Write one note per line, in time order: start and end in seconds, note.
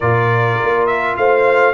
0.00 0.59 A#2
0.00 1.74 F4
0.00 1.15 A#4
0.00 0.86 D5
0.62 1.17 A#3
0.86 1.15 E5
1.17 1.74 A3
1.17 1.74 C5
1.17 1.74 F5